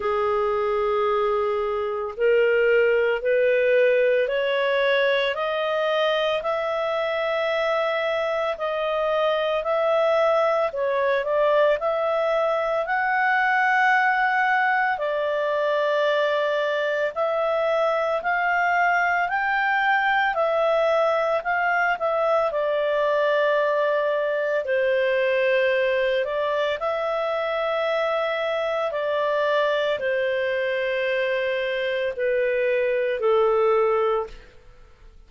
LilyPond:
\new Staff \with { instrumentName = "clarinet" } { \time 4/4 \tempo 4 = 56 gis'2 ais'4 b'4 | cis''4 dis''4 e''2 | dis''4 e''4 cis''8 d''8 e''4 | fis''2 d''2 |
e''4 f''4 g''4 e''4 | f''8 e''8 d''2 c''4~ | c''8 d''8 e''2 d''4 | c''2 b'4 a'4 | }